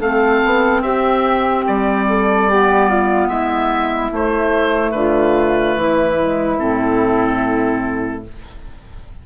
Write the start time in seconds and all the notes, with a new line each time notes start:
0.00 A3 C4 A4 F5
0.45 B3
0.82 C4 G4 E5
1.67 G3 D5
2.09 A4
2.50 B3 G4
2.89 F4
3.28 G#3 E4 E5
4.10 A3 C5
4.91 D3 F4 B4
5.76 E3 E4
6.19 G#3
6.59 A2 C4 A4